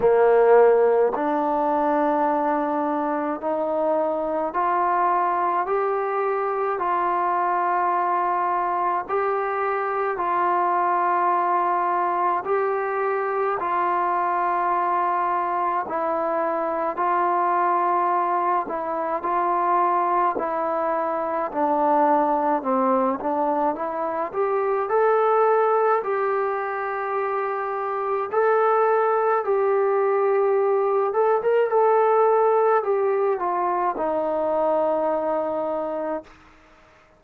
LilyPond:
\new Staff \with { instrumentName = "trombone" } { \time 4/4 \tempo 4 = 53 ais4 d'2 dis'4 | f'4 g'4 f'2 | g'4 f'2 g'4 | f'2 e'4 f'4~ |
f'8 e'8 f'4 e'4 d'4 | c'8 d'8 e'8 g'8 a'4 g'4~ | g'4 a'4 g'4. a'16 ais'16 | a'4 g'8 f'8 dis'2 | }